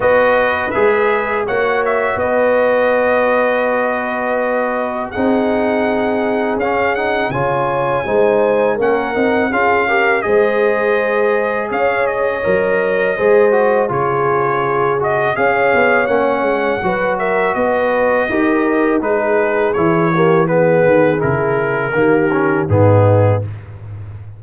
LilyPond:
<<
  \new Staff \with { instrumentName = "trumpet" } { \time 4/4 \tempo 4 = 82 dis''4 e''4 fis''8 e''8 dis''4~ | dis''2. fis''4~ | fis''4 f''8 fis''8 gis''2 | fis''4 f''4 dis''2 |
f''8 dis''2~ dis''8 cis''4~ | cis''8 dis''8 f''4 fis''4. e''8 | dis''2 b'4 cis''4 | b'4 ais'2 gis'4 | }
  \new Staff \with { instrumentName = "horn" } { \time 4/4 b'2 cis''4 b'4~ | b'2. gis'4~ | gis'2 cis''4 c''4 | ais'4 gis'8 ais'8 c''2 |
cis''2 c''4 gis'4~ | gis'4 cis''2 b'8 ais'8 | b'4 ais'4 gis'4. g'8 | gis'2 g'4 dis'4 | }
  \new Staff \with { instrumentName = "trombone" } { \time 4/4 fis'4 gis'4 fis'2~ | fis'2. dis'4~ | dis'4 cis'8 dis'8 f'4 dis'4 | cis'8 dis'8 f'8 g'8 gis'2~ |
gis'4 ais'4 gis'8 fis'8 f'4~ | f'8 fis'8 gis'4 cis'4 fis'4~ | fis'4 g'4 dis'4 e'8 ais8 | b4 e'4 ais8 cis'8 b4 | }
  \new Staff \with { instrumentName = "tuba" } { \time 4/4 b4 gis4 ais4 b4~ | b2. c'4~ | c'4 cis'4 cis4 gis4 | ais8 c'8 cis'4 gis2 |
cis'4 fis4 gis4 cis4~ | cis4 cis'8 b8 ais8 gis8 fis4 | b4 dis'4 gis4 e4~ | e8 dis8 cis4 dis4 gis,4 | }
>>